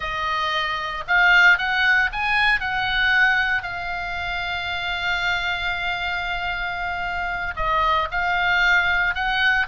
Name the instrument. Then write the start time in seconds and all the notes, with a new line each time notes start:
oboe
0.00 D#5
1.07 F5
1.57 F#5
2.12 G#5
2.60 F#5
3.63 F5
7.56 D#5
8.11 F5
9.14 F#5